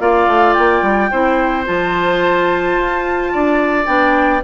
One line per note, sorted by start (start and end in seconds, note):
0.00 0.28 A#3
0.00 1.11 F4
0.00 1.11 D5
0.00 0.54 F5
0.28 0.55 A3
0.54 0.83 A#3
0.54 1.65 G5
0.83 1.10 G3
1.11 1.68 C4
1.11 1.65 E4
1.11 3.33 C5
1.65 2.77 F3
1.65 3.86 F4
1.65 3.87 A5
2.77 3.33 F4
3.33 3.87 D4
3.33 4.44 D5
3.86 4.43 B3
3.86 4.41 D4
3.86 4.42 G5